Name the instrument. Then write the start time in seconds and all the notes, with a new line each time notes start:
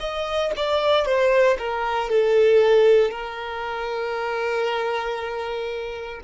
violin
0.00 D#5
0.56 D5
1.05 C5
1.58 A#4
2.10 A4
3.10 A#4